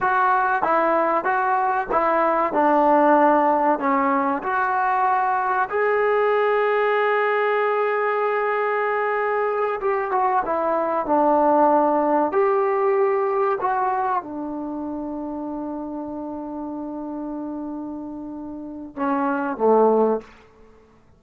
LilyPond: \new Staff \with { instrumentName = "trombone" } { \time 4/4 \tempo 4 = 95 fis'4 e'4 fis'4 e'4 | d'2 cis'4 fis'4~ | fis'4 gis'2.~ | gis'2.~ gis'8 g'8 |
fis'8 e'4 d'2 g'8~ | g'4. fis'4 d'4.~ | d'1~ | d'2 cis'4 a4 | }